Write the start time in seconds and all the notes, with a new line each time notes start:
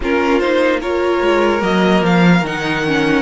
0.00 A#3 C#4 F4 A#4
0.39 D#4 C5
0.81 F4 A#4 C#5
1.21 G#3
1.60 F#3 A#3 D#5
2.02 F3 F5
2.41 D#3 D#4 F#5
2.86 C#4